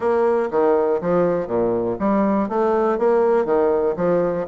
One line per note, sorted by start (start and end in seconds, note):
0.00 0.49 A#3
0.50 1.00 D#3
1.01 1.47 F3
1.47 1.97 A#2
1.99 2.48 G3
2.48 2.98 A3
2.98 3.45 A#3
3.45 3.94 D#3
3.96 4.46 F3